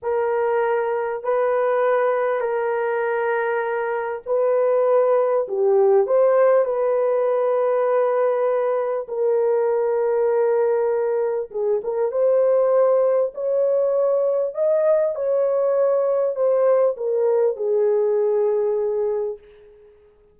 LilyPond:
\new Staff \with { instrumentName = "horn" } { \time 4/4 \tempo 4 = 99 ais'2 b'2 | ais'2. b'4~ | b'4 g'4 c''4 b'4~ | b'2. ais'4~ |
ais'2. gis'8 ais'8 | c''2 cis''2 | dis''4 cis''2 c''4 | ais'4 gis'2. | }